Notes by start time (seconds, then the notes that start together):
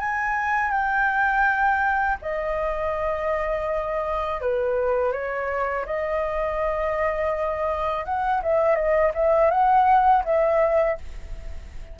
0.00 G#5
0.72 G5
2.22 D#5
4.41 B4
5.13 C#5
5.86 D#5
8.05 F#5
8.43 E5
8.76 D#5
9.15 E5
9.51 F#5
10.25 E5